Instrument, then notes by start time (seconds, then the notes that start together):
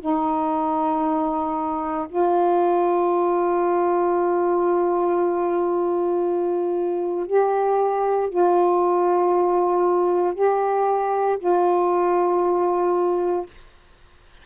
saxophone
0.00 D#4
2.09 F4
7.26 G4
8.30 F4
10.34 G4
11.39 F4